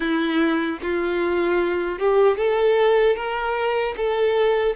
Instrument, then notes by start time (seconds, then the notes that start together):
violin
0.00 E4
0.81 F4
1.98 G4
2.37 A4
3.15 A#4
3.97 A4